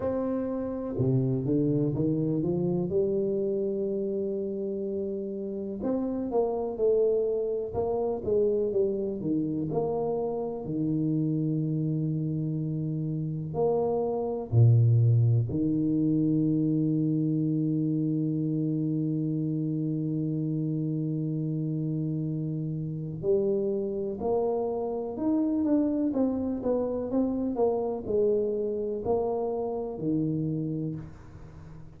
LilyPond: \new Staff \with { instrumentName = "tuba" } { \time 4/4 \tempo 4 = 62 c'4 c8 d8 dis8 f8 g4~ | g2 c'8 ais8 a4 | ais8 gis8 g8 dis8 ais4 dis4~ | dis2 ais4 ais,4 |
dis1~ | dis1 | g4 ais4 dis'8 d'8 c'8 b8 | c'8 ais8 gis4 ais4 dis4 | }